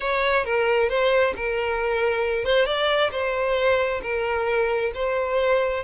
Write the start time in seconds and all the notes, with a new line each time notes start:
0.00 C#5
0.44 A#4
0.89 C5
1.36 A#4
2.44 C5
2.65 D5
3.11 C5
4.02 A#4
4.94 C5